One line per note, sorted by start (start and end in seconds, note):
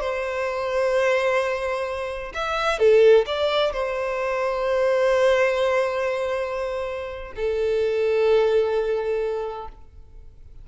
0.00 2.33 C5
2.34 2.79 E5
2.79 3.25 A4
3.26 3.73 D5
3.73 7.33 C5
7.36 9.68 A4